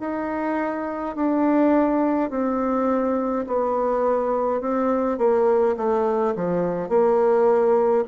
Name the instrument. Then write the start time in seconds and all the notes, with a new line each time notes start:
bassoon
0.00 D#4
1.16 D4
2.30 C4
3.47 B3
4.61 C4
5.18 A#3
5.77 A3
6.36 F3
6.89 A#3